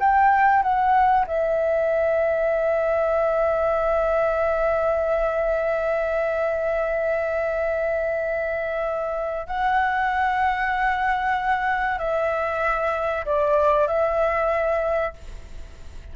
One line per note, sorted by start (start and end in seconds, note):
0.00 0.63 G5
0.63 1.26 F#5
1.27 9.47 E5
9.47 11.99 F#5
11.99 13.25 E5
13.25 13.87 D5
13.87 15.14 E5